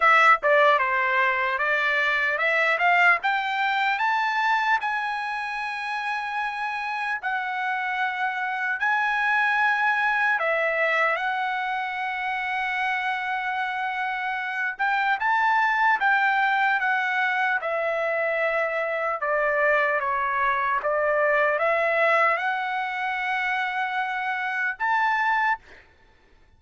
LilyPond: \new Staff \with { instrumentName = "trumpet" } { \time 4/4 \tempo 4 = 75 e''8 d''8 c''4 d''4 e''8 f''8 | g''4 a''4 gis''2~ | gis''4 fis''2 gis''4~ | gis''4 e''4 fis''2~ |
fis''2~ fis''8 g''8 a''4 | g''4 fis''4 e''2 | d''4 cis''4 d''4 e''4 | fis''2. a''4 | }